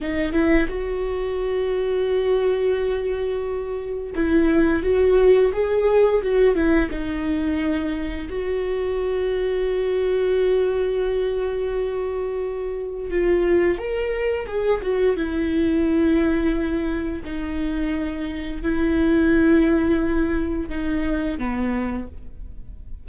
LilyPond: \new Staff \with { instrumentName = "viola" } { \time 4/4 \tempo 4 = 87 dis'8 e'8 fis'2.~ | fis'2 e'4 fis'4 | gis'4 fis'8 e'8 dis'2 | fis'1~ |
fis'2. f'4 | ais'4 gis'8 fis'8 e'2~ | e'4 dis'2 e'4~ | e'2 dis'4 b4 | }